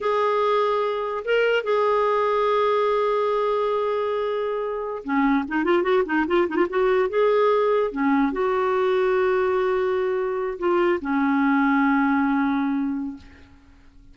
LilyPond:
\new Staff \with { instrumentName = "clarinet" } { \time 4/4 \tempo 4 = 146 gis'2. ais'4 | gis'1~ | gis'1~ | gis'16 cis'4 dis'8 f'8 fis'8 dis'8 f'8 dis'16 |
f'16 fis'4 gis'2 cis'8.~ | cis'16 fis'2.~ fis'8.~ | fis'4.~ fis'16 f'4 cis'4~ cis'16~ | cis'1 | }